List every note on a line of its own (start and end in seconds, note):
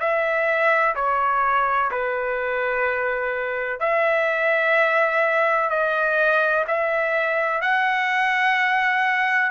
0.00 0.95 E5
0.96 1.91 C#5
1.91 3.80 B4
3.80 5.70 E5
5.70 6.65 D#5
6.68 7.61 E5
7.61 9.52 F#5